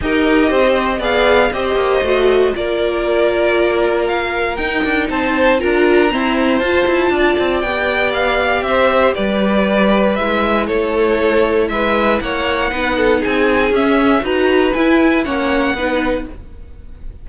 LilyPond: <<
  \new Staff \with { instrumentName = "violin" } { \time 4/4 \tempo 4 = 118 dis''2 f''4 dis''4~ | dis''4 d''2. | f''4 g''4 a''4 ais''4~ | ais''4 a''2 g''4 |
f''4 e''4 d''2 | e''4 cis''2 e''4 | fis''2 gis''4 e''4 | ais''4 gis''4 fis''2 | }
  \new Staff \with { instrumentName = "violin" } { \time 4/4 ais'4 c''4 d''4 c''4~ | c''4 ais'2.~ | ais'2 c''4 ais'4 | c''2 d''2~ |
d''4 c''4 b'2~ | b'4 a'2 b'4 | cis''4 b'8 a'8 gis'2 | b'2 cis''4 b'4 | }
  \new Staff \with { instrumentName = "viola" } { \time 4/4 g'2 gis'4 g'4 | fis'4 f'2.~ | f'4 dis'2 f'4 | c'4 f'2 g'4~ |
g'1 | e'1~ | e'4 dis'2 cis'4 | fis'4 e'4 cis'4 dis'4 | }
  \new Staff \with { instrumentName = "cello" } { \time 4/4 dis'4 c'4 b4 c'8 ais8 | a4 ais2.~ | ais4 dis'8 d'8 c'4 d'4 | e'4 f'8 e'8 d'8 c'8 b4~ |
b4 c'4 g2 | gis4 a2 gis4 | ais4 b4 c'4 cis'4 | dis'4 e'4 ais4 b4 | }
>>